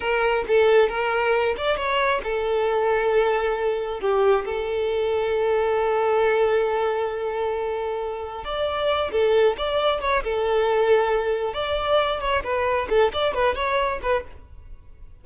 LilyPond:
\new Staff \with { instrumentName = "violin" } { \time 4/4 \tempo 4 = 135 ais'4 a'4 ais'4. d''8 | cis''4 a'2.~ | a'4 g'4 a'2~ | a'1~ |
a'2. d''4~ | d''8 a'4 d''4 cis''8 a'4~ | a'2 d''4. cis''8 | b'4 a'8 d''8 b'8 cis''4 b'8 | }